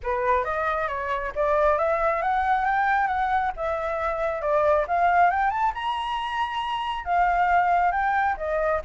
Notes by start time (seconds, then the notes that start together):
0.03 B4
0.44 D#5
0.88 C#5
1.35 D5
1.78 E5
2.22 F#5
2.65 G5
3.07 F#5
3.56 E5
4.41 D5
4.87 F5
5.30 G5
5.50 A5
5.74 A#5
7.05 F5
7.91 G5
8.37 D#5